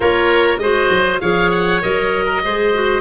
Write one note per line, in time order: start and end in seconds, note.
0.00 0.58 A#3
0.00 0.60 F4
0.00 0.61 A#4
0.00 0.58 C#5
0.58 0.88 G#3
0.58 1.20 F#4
0.58 1.21 C5
0.58 1.19 D#5
0.89 1.20 F#3
1.20 1.82 F3
1.20 1.81 G#4
1.20 2.25 C#5
1.20 1.50 F5
1.50 1.80 F#5
1.81 2.44 F#3
1.81 2.41 A#4
1.81 3.01 D#5
2.25 2.40 A#4
2.44 3.01 G#3
2.44 2.74 G#4
2.44 3.01 C5
2.74 3.01 F#4